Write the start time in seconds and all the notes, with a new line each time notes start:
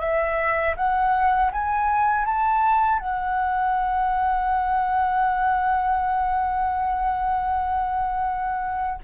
0.00 E5
0.76 F#5
1.52 G#5
2.25 A5
2.99 F#5